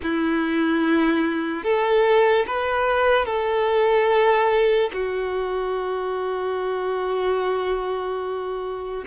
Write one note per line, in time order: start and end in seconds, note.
0.02 1.63 E4
1.63 2.45 A4
2.47 3.25 B4
3.25 4.89 A4
4.93 9.04 F#4